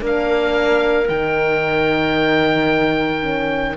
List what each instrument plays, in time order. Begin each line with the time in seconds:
0.00 cello A#3, horn D4, clarinet A#4
0.06 oboe F5
1.08 cello D#3, horn D#4, oboe G5
3.21 horn C#4